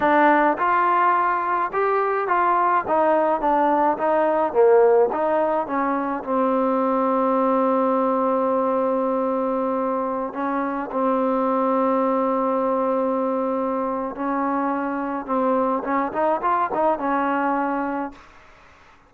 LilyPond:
\new Staff \with { instrumentName = "trombone" } { \time 4/4 \tempo 4 = 106 d'4 f'2 g'4 | f'4 dis'4 d'4 dis'4 | ais4 dis'4 cis'4 c'4~ | c'1~ |
c'2~ c'16 cis'4 c'8.~ | c'1~ | c'4 cis'2 c'4 | cis'8 dis'8 f'8 dis'8 cis'2 | }